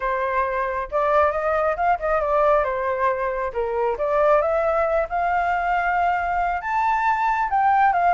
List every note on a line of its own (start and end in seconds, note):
0.00 0.88 C5
0.91 1.31 D5
1.31 1.75 D#5
1.76 1.98 F5
1.99 2.21 D#5
2.21 2.64 D5
2.64 3.52 C5
3.53 3.97 A#4
3.98 4.41 D5
4.41 5.07 E5
5.09 6.61 F5
6.61 7.49 A5
7.50 7.92 G5
7.92 8.13 F5